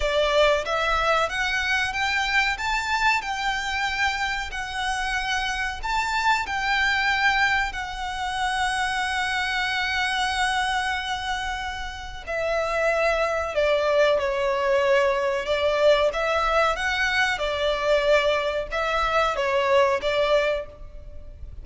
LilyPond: \new Staff \with { instrumentName = "violin" } { \time 4/4 \tempo 4 = 93 d''4 e''4 fis''4 g''4 | a''4 g''2 fis''4~ | fis''4 a''4 g''2 | fis''1~ |
fis''2. e''4~ | e''4 d''4 cis''2 | d''4 e''4 fis''4 d''4~ | d''4 e''4 cis''4 d''4 | }